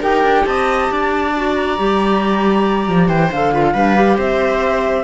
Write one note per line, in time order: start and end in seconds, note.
0.00 0.23 D#4
0.00 1.31 G4
0.00 0.44 A#4
0.00 0.45 G5
0.23 0.45 D4
0.45 0.89 C4
0.45 0.91 D#5
0.45 1.55 A5
0.90 1.78 D4
0.90 3.08 D5
1.35 1.77 F#4
1.55 3.08 A#5
1.77 2.88 G3
1.77 3.30 G4
2.88 3.08 F3
3.08 3.29 E3
3.08 3.52 C5
3.08 3.30 G5
3.31 3.74 D3
3.31 3.52 A4
3.31 4.18 F5
3.52 3.74 F4
3.52 3.63 B4
3.63 3.73 A4
3.73 4.17 G3
3.73 3.95 D4
3.73 4.17 B4
3.95 5.04 G4
4.17 5.04 C4
4.17 5.04 C5
4.17 5.04 E5